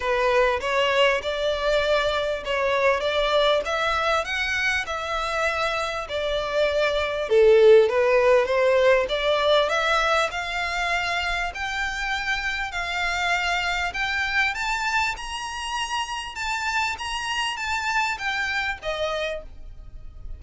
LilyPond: \new Staff \with { instrumentName = "violin" } { \time 4/4 \tempo 4 = 99 b'4 cis''4 d''2 | cis''4 d''4 e''4 fis''4 | e''2 d''2 | a'4 b'4 c''4 d''4 |
e''4 f''2 g''4~ | g''4 f''2 g''4 | a''4 ais''2 a''4 | ais''4 a''4 g''4 dis''4 | }